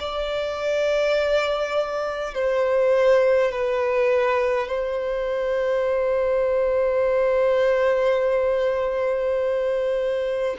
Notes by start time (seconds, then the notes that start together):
0.00 D5
2.35 C5
3.52 B4
4.68 C5